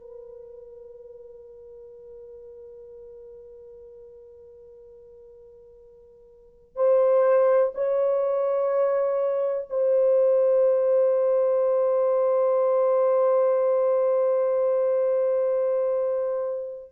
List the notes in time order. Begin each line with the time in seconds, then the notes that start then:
0.00 A#4
6.76 C5
7.75 C#5
9.70 C5